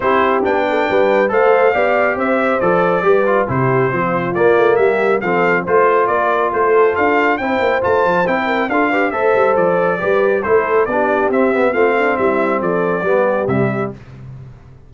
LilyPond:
<<
  \new Staff \with { instrumentName = "trumpet" } { \time 4/4 \tempo 4 = 138 c''4 g''2 f''4~ | f''4 e''4 d''2 | c''2 d''4 e''4 | f''4 c''4 d''4 c''4 |
f''4 g''4 a''4 g''4 | f''4 e''4 d''2 | c''4 d''4 e''4 f''4 | e''4 d''2 e''4 | }
  \new Staff \with { instrumentName = "horn" } { \time 4/4 g'4. a'8 b'4 c''4 | d''4 c''2 b'4 | g'4 f'2 g'4 | a'4 c''4 ais'4 a'4~ |
a'4 c''2~ c''8 ais'8 | a'8 b'8 c''2 b'4 | a'4 g'2 f'8 d'8 | e'4 a'4 g'2 | }
  \new Staff \with { instrumentName = "trombone" } { \time 4/4 e'4 d'2 a'4 | g'2 a'4 g'8 f'8 | e'4 c'4 ais2 | c'4 f'2.~ |
f'4 e'4 f'4 e'4 | f'8 g'8 a'2 g'4 | e'4 d'4 c'8 b8 c'4~ | c'2 b4 g4 | }
  \new Staff \with { instrumentName = "tuba" } { \time 4/4 c'4 b4 g4 a4 | b4 c'4 f4 g4 | c4 f4 ais8 a8 g4 | f4 a4 ais4 a4 |
d'4 c'8 ais8 a8 f8 c'4 | d'4 a8 g8 f4 g4 | a4 b4 c'4 a4 | g4 f4 g4 c4 | }
>>